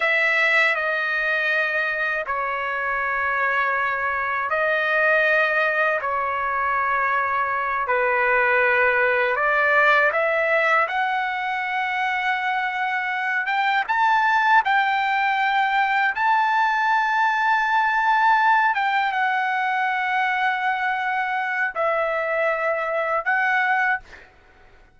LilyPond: \new Staff \with { instrumentName = "trumpet" } { \time 4/4 \tempo 4 = 80 e''4 dis''2 cis''4~ | cis''2 dis''2 | cis''2~ cis''8 b'4.~ | b'8 d''4 e''4 fis''4.~ |
fis''2 g''8 a''4 g''8~ | g''4. a''2~ a''8~ | a''4 g''8 fis''2~ fis''8~ | fis''4 e''2 fis''4 | }